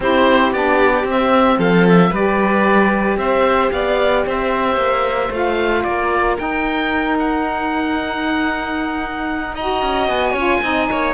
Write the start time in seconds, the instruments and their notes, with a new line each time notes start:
0.00 cello C4, saxophone E4, violin G4, oboe C5
0.52 cello B3, saxophone D4, oboe D5
1.03 cello C4, saxophone C4
1.10 oboe E5
1.57 cello F3, violin A4, oboe F5
1.88 oboe E5
2.10 cello G3, saxophone G4, violin B4, oboe D5
3.17 cello C4, violin C5, oboe E5
3.70 cello B3, violin D5, oboe F5
4.26 cello C4, violin C5, oboe E5
4.76 cello A#3
5.30 cello A3, saxophone F4, oboe F5
5.83 cello A#3, violin A#4, oboe D5
6.37 saxophone D#4, cello D#4, oboe G5
7.19 oboe F#5
9.54 saxophone F#4, violin D#5, oboe A#5
9.82 cello C#4
10.08 cello B3, oboe G#5
10.31 cello C#4, violin C#5
10.37 saxophone F4
10.62 cello C4, saxophone D#4, violin D#5
10.91 cello A#3, violin C#5